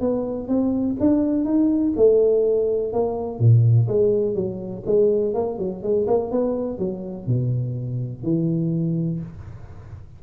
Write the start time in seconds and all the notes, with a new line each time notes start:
0.00 B3
0.48 C4
1.00 D4
1.44 D#4
1.96 A3
2.93 A#3
3.39 A#2
3.88 G#3
4.35 F#3
4.85 G#3
5.34 A#3
5.58 F#3
5.82 G#3
6.07 A#3
6.31 B3
6.78 F#3
7.26 B2
8.23 E3